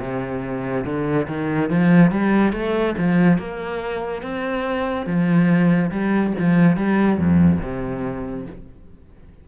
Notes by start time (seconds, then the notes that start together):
0.00 C3
0.85 D3
1.28 D#3
1.70 F3
2.11 G3
2.53 A3
2.98 F3
3.38 A#3
4.23 C4
5.06 F3
5.91 G3
6.39 F3
6.77 G3
7.18 F2
7.62 C3